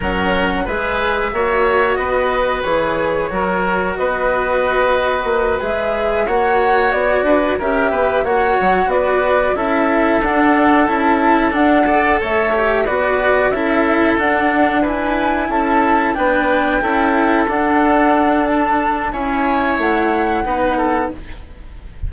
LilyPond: <<
  \new Staff \with { instrumentName = "flute" } { \time 4/4 \tempo 4 = 91 fis''4 e''2 dis''4 | cis''2 dis''2~ | dis''8 e''4 fis''4 d''4 e''8~ | e''8 fis''4 d''4 e''4 fis''8~ |
fis''8 a''4 fis''4 e''4 d''8~ | d''8 e''4 fis''4 gis''4 a''8~ | a''8 g''2 fis''4. | a''4 gis''4 fis''2 | }
  \new Staff \with { instrumentName = "oboe" } { \time 4/4 ais'4 b'4 cis''4 b'4~ | b'4 ais'4 b'2~ | b'4. cis''4. b'8 ais'8 | b'8 cis''4 b'4 a'4.~ |
a'2 d''8 cis''4 b'8~ | b'8 a'2 b'4 a'8~ | a'8 b'4 a'2~ a'8~ | a'4 cis''2 b'8 a'8 | }
  \new Staff \with { instrumentName = "cello" } { \time 4/4 cis'4 gis'4 fis'2 | gis'4 fis'2.~ | fis'8 gis'4 fis'2 g'8~ | g'8 fis'2 e'4 d'8~ |
d'8 e'4 d'8 a'4 g'8 fis'8~ | fis'8 e'4 d'4 e'4.~ | e'8 d'4 e'4 d'4.~ | d'4 e'2 dis'4 | }
  \new Staff \with { instrumentName = "bassoon" } { \time 4/4 fis4 gis4 ais4 b4 | e4 fis4 b2 | ais8 gis4 ais4 b8 d'8 cis'8 | b8 ais8 fis8 b4 cis'4 d'8~ |
d'8 cis'4 d'4 a4 b8~ | b8 cis'4 d'2 cis'8~ | cis'8 b4 cis'4 d'4.~ | d'4 cis'4 a4 b4 | }
>>